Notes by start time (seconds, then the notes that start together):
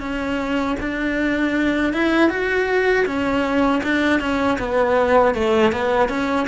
0.00 C#4
0.80 D4
1.93 E4
2.30 F#4
3.06 C#4
3.84 D4
4.20 C#4
4.59 B3
5.35 A3
5.72 B3
6.09 C#4